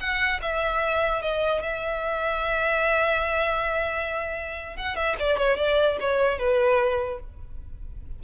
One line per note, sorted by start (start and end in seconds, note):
0.00 0.41 F#5
0.42 1.22 E5
1.22 1.63 D#5
1.63 4.77 E5
4.77 4.96 F#5
4.96 5.16 E5
5.19 5.38 D5
5.38 5.57 C#5
5.57 5.98 D5
6.00 6.39 C#5
6.39 7.20 B4